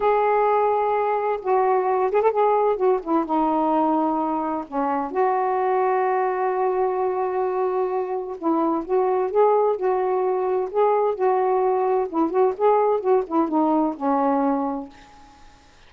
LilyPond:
\new Staff \with { instrumentName = "saxophone" } { \time 4/4 \tempo 4 = 129 gis'2. fis'4~ | fis'8 gis'16 a'16 gis'4 fis'8 e'8 dis'4~ | dis'2 cis'4 fis'4~ | fis'1~ |
fis'2 e'4 fis'4 | gis'4 fis'2 gis'4 | fis'2 e'8 fis'8 gis'4 | fis'8 e'8 dis'4 cis'2 | }